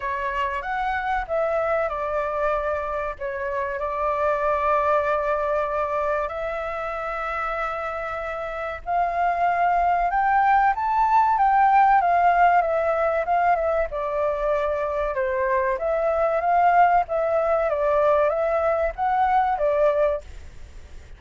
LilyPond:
\new Staff \with { instrumentName = "flute" } { \time 4/4 \tempo 4 = 95 cis''4 fis''4 e''4 d''4~ | d''4 cis''4 d''2~ | d''2 e''2~ | e''2 f''2 |
g''4 a''4 g''4 f''4 | e''4 f''8 e''8 d''2 | c''4 e''4 f''4 e''4 | d''4 e''4 fis''4 d''4 | }